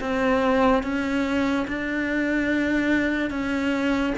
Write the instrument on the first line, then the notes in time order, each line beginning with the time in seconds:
cello
0.00 C4
0.83 C#4
1.67 D4
3.30 C#4